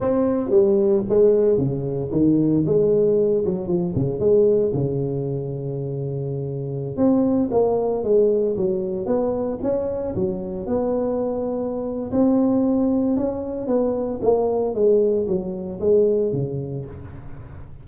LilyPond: \new Staff \with { instrumentName = "tuba" } { \time 4/4 \tempo 4 = 114 c'4 g4 gis4 cis4 | dis4 gis4. fis8 f8 cis8 | gis4 cis2.~ | cis4~ cis16 c'4 ais4 gis8.~ |
gis16 fis4 b4 cis'4 fis8.~ | fis16 b2~ b8. c'4~ | c'4 cis'4 b4 ais4 | gis4 fis4 gis4 cis4 | }